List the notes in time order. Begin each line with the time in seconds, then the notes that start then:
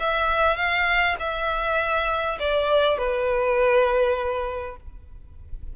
0.00 E5
0.57 F5
1.20 E5
2.40 D5
2.98 B4